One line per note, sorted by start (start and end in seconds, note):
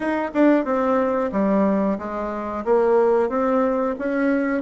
0.00 0.31 D#4
0.34 0.64 D4
0.64 1.30 C4
1.32 1.98 G3
1.98 2.64 G#3
2.64 3.29 A#3
3.29 3.95 C4
3.98 4.62 C#4